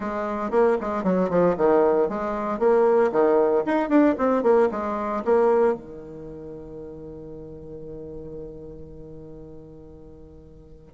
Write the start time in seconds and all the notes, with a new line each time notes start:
0.00 G#3
0.51 A#3
0.80 G#3
1.03 F#3
1.29 F3
1.57 D#3
2.08 G#3
2.59 A#3
3.12 D#3
3.65 D#4
3.89 D4
4.17 C4
4.42 A#3
4.71 G#3
5.25 A#3
5.74 D#3